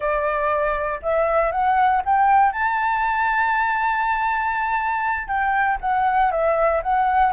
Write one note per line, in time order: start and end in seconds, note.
0.00 1.00 D5
1.02 1.51 E5
1.51 2.02 F#5
2.05 2.52 G5
2.52 5.27 A5
5.27 5.78 G5
5.80 6.31 F#5
6.31 6.81 E5
6.82 7.32 F#5